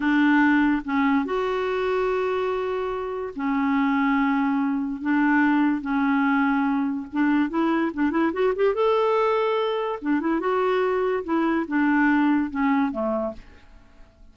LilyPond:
\new Staff \with { instrumentName = "clarinet" } { \time 4/4 \tempo 4 = 144 d'2 cis'4 fis'4~ | fis'1 | cis'1 | d'2 cis'2~ |
cis'4 d'4 e'4 d'8 e'8 | fis'8 g'8 a'2. | d'8 e'8 fis'2 e'4 | d'2 cis'4 a4 | }